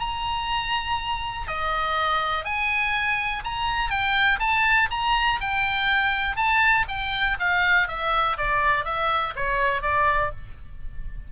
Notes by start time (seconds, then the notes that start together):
0.00 A#5
1.48 D#5
2.45 G#5
3.44 A#5
3.90 G5
4.40 A5
4.91 A#5
5.41 G5
6.37 A5
6.89 G5
7.39 F5
7.88 E5
8.37 D5
8.85 E5
9.36 C#5
9.82 D5